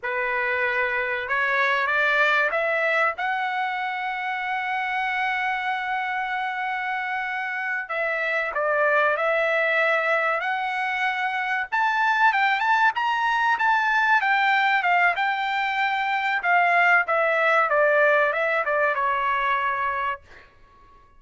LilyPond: \new Staff \with { instrumentName = "trumpet" } { \time 4/4 \tempo 4 = 95 b'2 cis''4 d''4 | e''4 fis''2.~ | fis''1~ | fis''8 e''4 d''4 e''4.~ |
e''8 fis''2 a''4 g''8 | a''8 ais''4 a''4 g''4 f''8 | g''2 f''4 e''4 | d''4 e''8 d''8 cis''2 | }